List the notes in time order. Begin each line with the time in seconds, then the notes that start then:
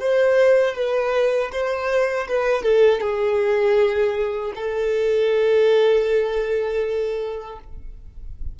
0.00 C5
0.75 B4
1.52 C5
2.28 B4
2.63 A4
3.01 G#4
4.55 A4